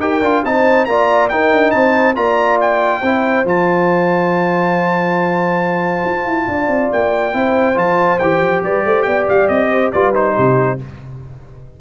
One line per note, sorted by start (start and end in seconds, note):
0.00 0.21 D#4
0.00 0.22 G4
0.00 0.44 A#4
0.00 0.44 G5
0.21 0.42 D4
0.21 0.45 F4
0.44 0.87 C4
0.44 0.88 D#4
0.44 0.89 C5
0.44 0.85 A5
0.85 1.30 A#3
0.85 1.31 F4
0.85 1.32 D5
0.85 1.28 A#5
1.29 1.52 D#4
1.29 2.15 D#4
1.29 1.73 A#4
1.29 1.71 G5
1.52 1.73 D4
1.71 2.16 C4
1.71 2.16 C5
1.71 2.14 A5
2.15 3.02 A#3
2.15 3.02 F4
2.15 3.01 D5
2.15 2.59 A#5
2.61 3.47 G5
3.01 3.44 C4
3.01 3.45 E4
3.01 6.46 C5
3.44 6.03 F3
3.44 7.33 F4
3.44 6.92 A5
6.04 6.26 F4
6.26 6.47 E4
6.48 6.68 D4
6.48 7.37 D5
6.68 6.89 C4
6.92 7.34 A#3
6.92 7.78 G5
7.33 7.76 C4
7.33 7.75 E4
7.33 8.64 C5
7.75 8.19 F3
7.75 8.18 F4
7.75 8.19 A5
8.19 8.40 E3
8.19 9.94 G4
8.19 8.62 G5
8.40 8.62 F3
8.63 8.85 G3
8.63 8.86 B4
8.63 9.02 D5
8.85 9.06 A3
8.85 9.06 C5
9.02 9.28 B3
9.02 9.70 D5
9.02 9.24 G5
9.29 9.49 G3
9.29 9.48 F5
9.48 9.92 C4
9.48 9.91 D#5
9.71 9.93 C5
9.92 10.37 G3
9.92 10.13 F4
9.92 10.35 B4
9.92 10.14 D5
10.13 10.78 D#4
10.13 10.79 C5
10.35 10.81 C3
10.35 10.78 G4